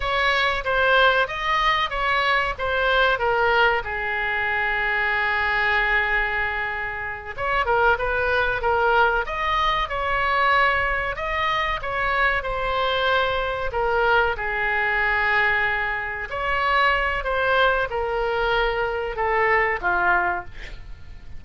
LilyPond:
\new Staff \with { instrumentName = "oboe" } { \time 4/4 \tempo 4 = 94 cis''4 c''4 dis''4 cis''4 | c''4 ais'4 gis'2~ | gis'2.~ gis'8 cis''8 | ais'8 b'4 ais'4 dis''4 cis''8~ |
cis''4. dis''4 cis''4 c''8~ | c''4. ais'4 gis'4.~ | gis'4. cis''4. c''4 | ais'2 a'4 f'4 | }